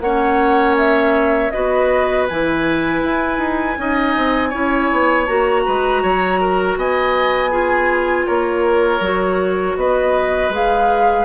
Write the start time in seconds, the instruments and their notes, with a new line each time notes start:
0.00 bassoon A#3, clarinet C#4, oboe C#5, flute F#5
0.77 flute E5
1.51 bassoon B3, clarinet F#4, oboe B4, flute D#5
2.28 bassoon E3, clarinet E4, flute G#5
3.03 bassoon E4
3.38 bassoon D#4
3.78 bassoon C#4, clarinet D#4, oboe D#5
4.16 bassoon C4
4.49 bassoon C#4, clarinet E4, oboe C#5
4.92 bassoon B3
5.26 bassoon A#3, clarinet F#4, flute A#5
5.65 bassoon G#3, oboe B4
6.02 bassoon F#3, oboe C#5
6.40 oboe A#4
6.76 bassoon B3, oboe D#5, flute G#5
7.50 clarinet F4, oboe G#4
8.26 bassoon A#3, oboe A#4, flute C#5
9.00 bassoon F#3, clarinet F#4
9.76 bassoon B3, oboe B4, flute D#5
10.49 bassoon G#3, clarinet G#4, flute F5